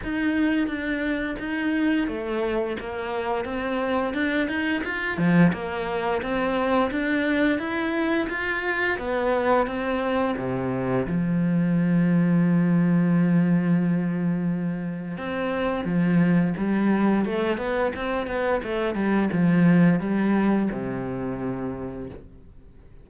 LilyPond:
\new Staff \with { instrumentName = "cello" } { \time 4/4 \tempo 4 = 87 dis'4 d'4 dis'4 a4 | ais4 c'4 d'8 dis'8 f'8 f8 | ais4 c'4 d'4 e'4 | f'4 b4 c'4 c4 |
f1~ | f2 c'4 f4 | g4 a8 b8 c'8 b8 a8 g8 | f4 g4 c2 | }